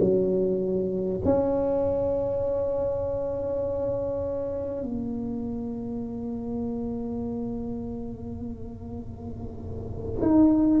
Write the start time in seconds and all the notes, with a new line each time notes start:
0.00 F#3
1.24 C#4
4.83 A#3
10.21 D#4